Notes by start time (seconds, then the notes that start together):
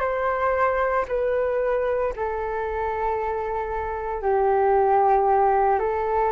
0.00 C5
1.08 B4
2.16 A4
4.22 G4
5.79 A4